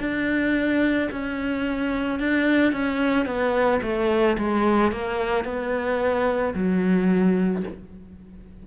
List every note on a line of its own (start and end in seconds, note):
0.00 1.09 D4
1.12 2.19 C#4
2.19 2.73 D4
2.73 3.25 C#4
3.25 3.80 B3
3.82 4.37 A3
4.37 4.91 G#3
4.91 5.44 A#3
5.44 6.54 B3
6.54 7.63 F#3